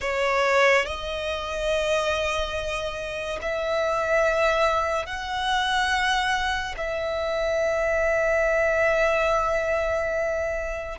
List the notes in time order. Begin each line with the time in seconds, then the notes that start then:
0.00 C#5
0.85 D#5
3.41 E5
5.06 F#5
6.77 E5